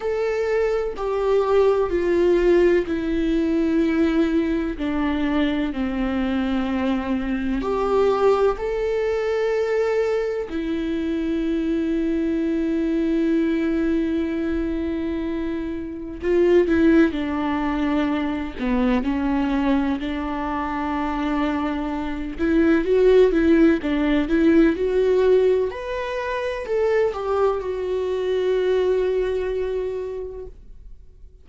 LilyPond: \new Staff \with { instrumentName = "viola" } { \time 4/4 \tempo 4 = 63 a'4 g'4 f'4 e'4~ | e'4 d'4 c'2 | g'4 a'2 e'4~ | e'1~ |
e'4 f'8 e'8 d'4. b8 | cis'4 d'2~ d'8 e'8 | fis'8 e'8 d'8 e'8 fis'4 b'4 | a'8 g'8 fis'2. | }